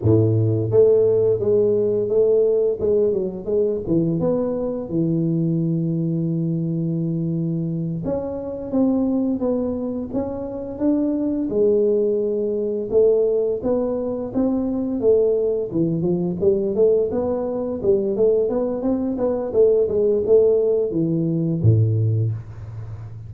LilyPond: \new Staff \with { instrumentName = "tuba" } { \time 4/4 \tempo 4 = 86 a,4 a4 gis4 a4 | gis8 fis8 gis8 e8 b4 e4~ | e2.~ e8 cis'8~ | cis'8 c'4 b4 cis'4 d'8~ |
d'8 gis2 a4 b8~ | b8 c'4 a4 e8 f8 g8 | a8 b4 g8 a8 b8 c'8 b8 | a8 gis8 a4 e4 a,4 | }